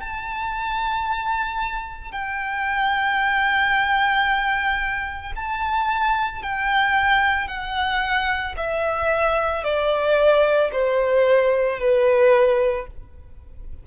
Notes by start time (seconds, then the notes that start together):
0.00 A5
2.11 G5
5.36 A5
6.42 G5
7.48 F#5
8.57 E5
9.63 D5
10.72 C5
11.79 B4